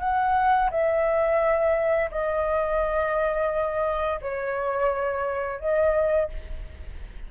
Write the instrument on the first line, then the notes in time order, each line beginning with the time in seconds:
flute
0.00 F#5
0.71 E5
2.11 D#5
4.22 C#5
5.60 D#5